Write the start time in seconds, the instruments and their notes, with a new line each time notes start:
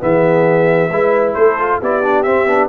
0.00 tuba E3, trombone B3, horn G#4, trumpet E5
0.90 tuba G#3, trombone E4, horn B4
1.34 tuba A3, horn A4, trumpet C5
1.59 trombone F4
1.81 tuba B3, trombone E4, horn G4, trumpet D5
2.02 trombone D4
2.23 trombone C4, tuba C4, trumpet E5
2.46 tuba B3, trombone D4